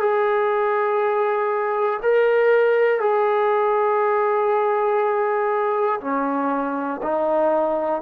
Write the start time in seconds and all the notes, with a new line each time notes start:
0.00 G#4
2.03 A#4
3.00 G#4
6.00 C#4
7.03 D#4